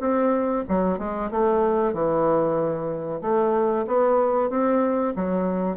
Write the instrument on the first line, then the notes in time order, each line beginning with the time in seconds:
bassoon
0.00 C4
0.68 F#3
0.98 G#3
1.31 A3
1.93 E3
3.21 A3
3.87 B3
4.49 C4
5.15 F#3